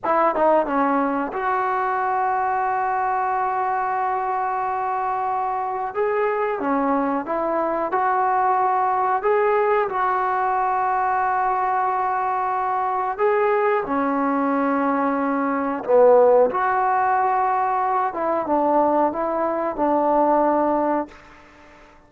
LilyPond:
\new Staff \with { instrumentName = "trombone" } { \time 4/4 \tempo 4 = 91 e'8 dis'8 cis'4 fis'2~ | fis'1~ | fis'4 gis'4 cis'4 e'4 | fis'2 gis'4 fis'4~ |
fis'1 | gis'4 cis'2. | b4 fis'2~ fis'8 e'8 | d'4 e'4 d'2 | }